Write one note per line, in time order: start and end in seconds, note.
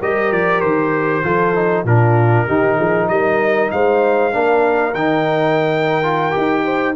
0.00 0.32 G3
0.00 1.24 G4
0.00 1.24 A#4
0.00 0.32 D#5
0.32 0.62 F3
0.32 0.61 D5
0.61 1.24 D#3
0.61 1.84 C5
1.24 1.85 F3
1.24 1.55 F4
1.24 1.86 A4
1.55 1.86 D#4
1.85 2.47 A#2
1.85 2.48 D4
1.85 2.46 F4
1.85 3.09 A#4
2.46 2.79 D#3
2.46 4.32 D#4
2.46 2.77 G4
2.77 3.10 F3
2.77 3.07 G#4
3.09 3.72 G3
3.09 3.73 A#4
3.09 3.70 D#5
3.71 4.35 G#3
3.71 4.33 C5
3.71 4.94 F5
4.32 4.94 A#3
4.32 4.94 D4
4.32 6.64 A#4
4.94 6.34 D#3
4.94 6.03 D#4
4.94 6.95 G5
6.03 6.31 F4
6.31 6.96 D#4
6.31 6.93 G4
6.64 6.95 C5